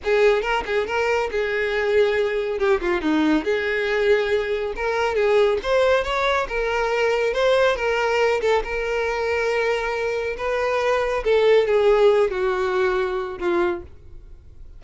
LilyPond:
\new Staff \with { instrumentName = "violin" } { \time 4/4 \tempo 4 = 139 gis'4 ais'8 gis'8 ais'4 gis'4~ | gis'2 g'8 f'8 dis'4 | gis'2. ais'4 | gis'4 c''4 cis''4 ais'4~ |
ais'4 c''4 ais'4. a'8 | ais'1 | b'2 a'4 gis'4~ | gis'8 fis'2~ fis'8 f'4 | }